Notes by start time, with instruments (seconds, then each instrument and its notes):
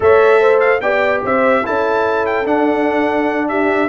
0.00 tuba A3, trombone A4, horn C#5, trumpet E5
0.40 horn C5
0.59 trumpet F5
0.80 tuba B3, trombone G4, horn D5, trumpet G5
1.23 tuba C4, horn C5, trumpet E5
1.64 tuba C#4, trombone E4, horn A4, trumpet A5
2.26 trumpet G5
2.45 trombone D4, tuba D4, trumpet F#5
3.48 horn G4, trumpet E5